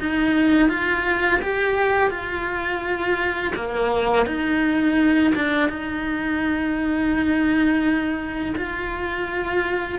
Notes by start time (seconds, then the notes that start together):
0.00 D#4
0.69 F4
1.42 G4
2.10 F4
3.56 A#3
4.27 D#4
5.35 D4
5.69 D#4
8.57 F4